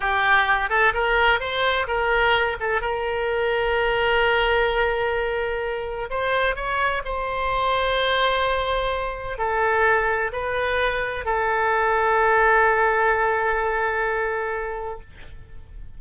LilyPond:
\new Staff \with { instrumentName = "oboe" } { \time 4/4 \tempo 4 = 128 g'4. a'8 ais'4 c''4 | ais'4. a'8 ais'2~ | ais'1~ | ais'4 c''4 cis''4 c''4~ |
c''1 | a'2 b'2 | a'1~ | a'1 | }